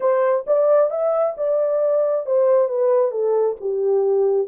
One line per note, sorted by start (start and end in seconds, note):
0.00 0.45 C5
0.46 0.90 D5
0.90 1.35 E5
1.37 2.26 D5
2.26 2.68 C5
2.68 3.11 B4
3.11 3.55 A4
3.60 4.47 G4